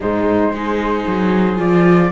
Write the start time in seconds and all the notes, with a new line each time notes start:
0.00 G#2 G#3 D#4 C5
0.51 G#3 D#4 G#4
1.07 F#3
1.56 F3 F4 D5